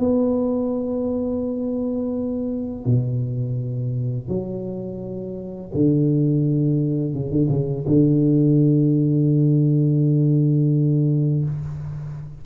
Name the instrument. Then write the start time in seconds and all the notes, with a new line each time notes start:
tuba
0.00 B3
2.86 B2
4.29 F#3
5.74 D3
7.14 C#3
7.31 D3
7.50 C#3
7.88 D3